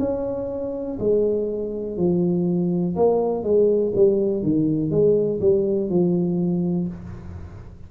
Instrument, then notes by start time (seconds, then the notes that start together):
tuba
0.00 C#4
1.00 G#3
1.98 F3
2.96 A#3
3.44 G#3
3.95 G3
4.43 D#3
4.91 G#3
5.41 G3
5.90 F3